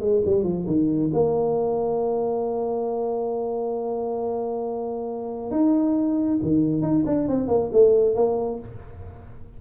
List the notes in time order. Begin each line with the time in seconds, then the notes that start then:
0.00 G#3
0.25 G3
0.44 F3
0.67 D#3
1.14 A#3
5.51 D#4
6.42 D#3
6.82 D#4
7.06 D4
7.28 C4
7.48 A#3
7.72 A3
8.15 A#3